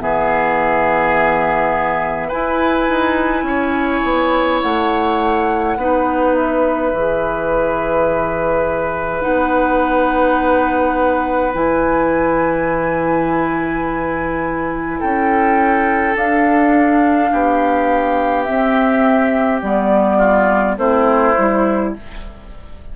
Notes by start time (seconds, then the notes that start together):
0.00 E3 B3 G#4 E5
2.28 E4 B4 G#5
2.89 D#4
3.43 C#4 C#5
4.04 B3
4.62 A3 F#5
5.77 B3 D#4 B4
6.34 E5
6.93 E3 G#4
9.21 B3 D#4 F#5
11.53 E3 E4 G#5
15.00 C#4 A4 G5
16.15 D4 F5
17.31 B3 G4
18.44 C4 E5
19.62 G3 B3 D5
20.17 F4
20.76 A3 C4 E4 C5
21.37 G3 E4